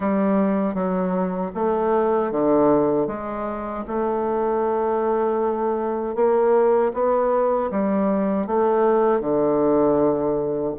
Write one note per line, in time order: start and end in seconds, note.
0.00 0.74 G3
0.74 1.51 F#3
1.54 2.31 A3
2.31 3.07 D3
3.07 3.84 G#3
3.87 6.15 A3
6.15 6.92 A#3
6.93 7.70 B3
7.71 8.46 G3
8.46 9.20 A3
9.20 10.74 D3